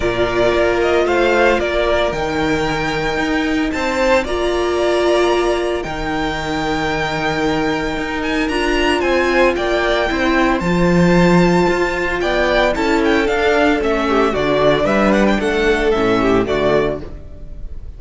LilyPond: <<
  \new Staff \with { instrumentName = "violin" } { \time 4/4 \tempo 4 = 113 d''4. dis''8 f''4 d''4 | g''2. a''4 | ais''2. g''4~ | g''2.~ g''8 gis''8 |
ais''4 gis''4 g''2 | a''2. g''4 | a''8 g''8 f''4 e''4 d''4 | e''8 fis''16 g''16 fis''4 e''4 d''4 | }
  \new Staff \with { instrumentName = "violin" } { \time 4/4 ais'2 c''4 ais'4~ | ais'2. c''4 | d''2. ais'4~ | ais'1~ |
ais'4 c''4 d''4 c''4~ | c''2. d''4 | a'2~ a'8 g'8 fis'4 | b'4 a'4. g'8 fis'4 | }
  \new Staff \with { instrumentName = "viola" } { \time 4/4 f'1 | dis'1 | f'2. dis'4~ | dis'1 |
f'2. e'4 | f'1 | e'4 d'4 cis'4 d'4~ | d'2 cis'4 a4 | }
  \new Staff \with { instrumentName = "cello" } { \time 4/4 ais,4 ais4 a4 ais4 | dis2 dis'4 c'4 | ais2. dis4~ | dis2. dis'4 |
d'4 c'4 ais4 c'4 | f2 f'4 b4 | cis'4 d'4 a4 d4 | g4 a4 a,4 d4 | }
>>